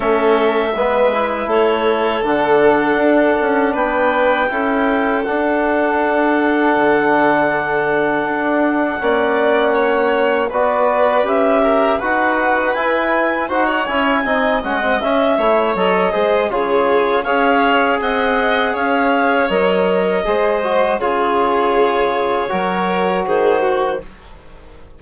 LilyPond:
<<
  \new Staff \with { instrumentName = "clarinet" } { \time 4/4 \tempo 4 = 80 e''2 cis''4 fis''4~ | fis''4 g''2 fis''4~ | fis''1~ | fis''2 d''4 e''4 |
fis''4 gis''4 fis''8 gis''4 fis''8 | e''4 dis''4 cis''4 f''4 | fis''4 f''4 dis''2 | cis''2. c''4 | }
  \new Staff \with { instrumentName = "violin" } { \time 4/4 a'4 b'4 a'2~ | a'4 b'4 a'2~ | a'1 | d''4 cis''4 b'4. ais'8 |
b'2 c''16 cis''8. dis''4~ | dis''8 cis''4 c''8 gis'4 cis''4 | dis''4 cis''2 c''4 | gis'2 ais'4 gis'8 fis'8 | }
  \new Staff \with { instrumentName = "trombone" } { \time 4/4 cis'4 b8 e'4. d'4~ | d'2 e'4 d'4~ | d'1 | cis'2 fis'4 g'4 |
fis'4 e'4 fis'8 e'8 dis'8 cis'16 c'16 | cis'8 e'8 a'8 gis'8 f'4 gis'4~ | gis'2 ais'4 gis'8 fis'8 | f'2 fis'2 | }
  \new Staff \with { instrumentName = "bassoon" } { \time 4/4 a4 gis4 a4 d4 | d'8 cis'8 b4 cis'4 d'4~ | d'4 d2 d'4 | ais2 b4 cis'4 |
dis'4 e'4 dis'8 cis'8 c'8 gis8 | cis'8 a8 fis8 gis8 cis4 cis'4 | c'4 cis'4 fis4 gis4 | cis2 fis4 dis4 | }
>>